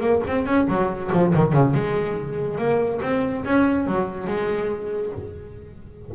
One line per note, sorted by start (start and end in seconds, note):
0.00 0.21 A#3
0.27 0.46 C4
0.46 0.67 C#4
0.68 1.10 F#3
1.12 1.34 F3
1.34 1.52 D#3
1.52 1.74 C#3
1.74 2.57 G#3
2.57 3.00 A#3
3.02 3.44 C4
3.44 3.86 C#4
3.86 4.27 F#3
4.27 5.12 G#3